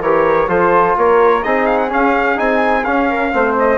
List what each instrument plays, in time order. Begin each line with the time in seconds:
0.00 bassoon E3, trombone G4, flute A#4, trumpet C#5
0.48 bassoon F3, trombone F4, flute A4, trumpet C5
0.97 bassoon A#3, flute A#4, trumpet C#5
1.43 bassoon C4, trombone D#4, flute G#4, trumpet D#5
1.66 trumpet F5
1.78 trumpet F#5
1.89 trombone C#4, bassoon C#4, trumpet F5
2.35 bassoon C4, trombone D#4, trumpet G#5
2.84 trombone C#4, bassoon C#4, trumpet F5
3.09 flute A#4
3.32 bassoon A3, trombone C4, flute C5
3.59 trumpet D#5